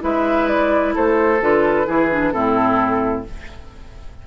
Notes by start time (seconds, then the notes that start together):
0.00 G#3 E4 B4 E5
0.48 D5
0.95 A3 A4 C5
1.41 D3 F4 B4
1.86 E3 E4 G#4
2.11 D4
2.31 A2 C4 E4 A4